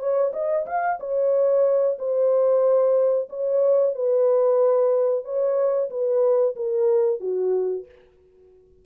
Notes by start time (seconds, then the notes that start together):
0.00 C#5
0.33 D#5
0.67 F5
1.00 C#5
1.99 C5
3.30 C#5
3.95 B4
5.25 C#5
5.91 B4
6.56 A#4
7.20 F#4